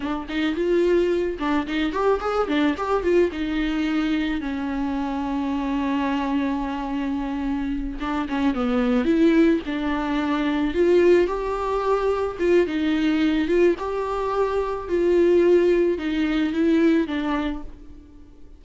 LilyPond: \new Staff \with { instrumentName = "viola" } { \time 4/4 \tempo 4 = 109 d'8 dis'8 f'4. d'8 dis'8 g'8 | gis'8 d'8 g'8 f'8 dis'2 | cis'1~ | cis'2~ cis'8 d'8 cis'8 b8~ |
b8 e'4 d'2 f'8~ | f'8 g'2 f'8 dis'4~ | dis'8 f'8 g'2 f'4~ | f'4 dis'4 e'4 d'4 | }